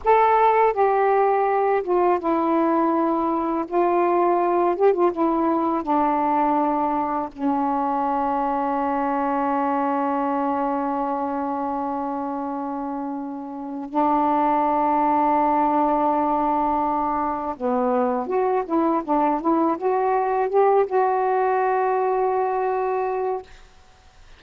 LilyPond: \new Staff \with { instrumentName = "saxophone" } { \time 4/4 \tempo 4 = 82 a'4 g'4. f'8 e'4~ | e'4 f'4. g'16 f'16 e'4 | d'2 cis'2~ | cis'1~ |
cis'2. d'4~ | d'1 | b4 fis'8 e'8 d'8 e'8 fis'4 | g'8 fis'2.~ fis'8 | }